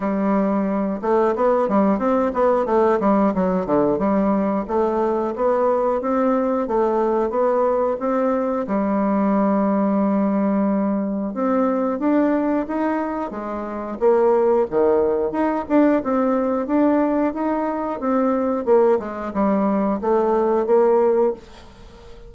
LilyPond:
\new Staff \with { instrumentName = "bassoon" } { \time 4/4 \tempo 4 = 90 g4. a8 b8 g8 c'8 b8 | a8 g8 fis8 d8 g4 a4 | b4 c'4 a4 b4 | c'4 g2.~ |
g4 c'4 d'4 dis'4 | gis4 ais4 dis4 dis'8 d'8 | c'4 d'4 dis'4 c'4 | ais8 gis8 g4 a4 ais4 | }